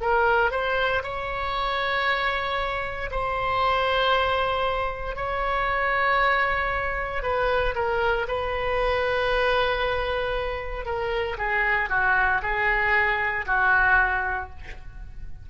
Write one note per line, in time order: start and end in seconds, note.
0.00 0.51 A#4
0.51 1.03 C5
1.03 3.09 C#5
3.10 5.15 C5
5.15 7.22 C#5
7.22 7.74 B4
7.74 8.26 A#4
8.27 10.85 B4
10.85 11.37 A#4
11.37 11.89 G#4
11.89 12.41 F#4
12.42 13.45 G#4
13.46 14.49 F#4